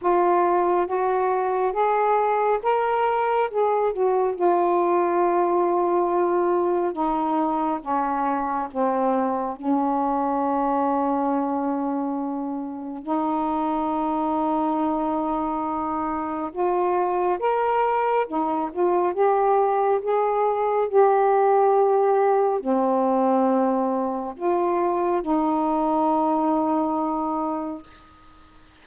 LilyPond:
\new Staff \with { instrumentName = "saxophone" } { \time 4/4 \tempo 4 = 69 f'4 fis'4 gis'4 ais'4 | gis'8 fis'8 f'2. | dis'4 cis'4 c'4 cis'4~ | cis'2. dis'4~ |
dis'2. f'4 | ais'4 dis'8 f'8 g'4 gis'4 | g'2 c'2 | f'4 dis'2. | }